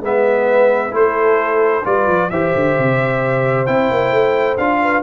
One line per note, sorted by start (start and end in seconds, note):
0.00 0.91 G#3
0.00 0.91 B3
0.00 0.92 B4
0.00 0.95 E5
0.91 1.83 A3
0.91 1.82 E4
0.91 1.85 A4
0.91 1.86 C5
1.84 2.07 G3
1.84 2.29 F4
1.84 2.31 B4
1.84 2.30 D5
2.07 2.30 F3
2.30 2.53 E3
2.30 3.66 G4
2.30 4.81 C5
2.30 3.66 E5
2.55 2.78 D3
2.78 3.67 C3
3.66 3.90 C4
3.66 4.57 E4
3.66 4.57 G5
3.90 4.12 A#3
4.12 4.57 A3
4.57 5.02 D4
4.57 5.02 F4
4.57 5.02 F5
4.82 5.02 B4